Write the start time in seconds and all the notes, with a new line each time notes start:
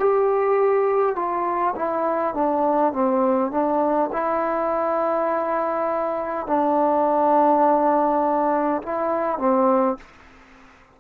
0.00 G4
1.16 F4
1.76 E4
2.35 D4
2.94 C4
3.51 D4
4.13 E4
6.47 D4
8.83 E4
9.39 C4